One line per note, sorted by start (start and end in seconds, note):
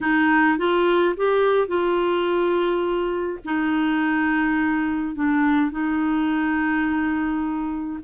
0.00 0.57 D#4
0.58 1.15 F4
1.16 1.67 G4
1.67 3.39 F4
3.44 5.15 D#4
5.15 5.71 D4
5.71 7.99 D#4